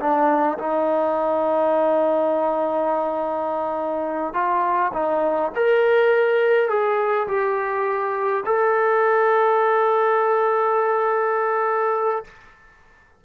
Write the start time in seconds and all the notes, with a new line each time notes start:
0.00 D4
0.59 D#4
4.34 F4
4.93 D#4
5.56 A#4
6.69 G#4
7.28 G4
8.46 A4